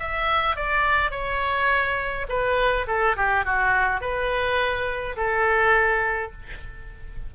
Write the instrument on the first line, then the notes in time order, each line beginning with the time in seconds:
oboe
0.00 E5
0.56 D5
1.11 C#5
2.29 B4
2.87 A4
3.17 G4
3.45 F#4
4.01 B4
5.17 A4